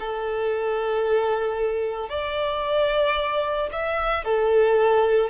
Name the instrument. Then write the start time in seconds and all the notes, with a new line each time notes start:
violin
0.00 A4
2.09 D5
3.73 E5
4.25 A4